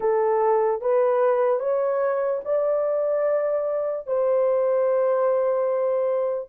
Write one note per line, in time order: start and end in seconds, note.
0.00 0.81 A4
0.81 1.59 B4
1.59 2.40 C#5
2.45 4.07 D5
4.07 6.49 C5